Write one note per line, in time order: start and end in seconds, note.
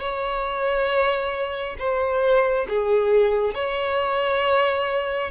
0.00 1.76 C#5
1.79 2.67 C5
2.69 3.55 G#4
3.55 5.31 C#5